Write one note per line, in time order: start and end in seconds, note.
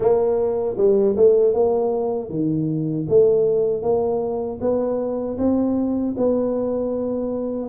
0.00 0.76 A#3
0.77 1.15 G3
1.16 1.53 A3
1.53 2.29 A#3
2.29 3.06 D#3
3.08 3.82 A3
3.82 4.59 A#3
4.60 5.37 B3
5.37 6.14 C4
6.17 7.68 B3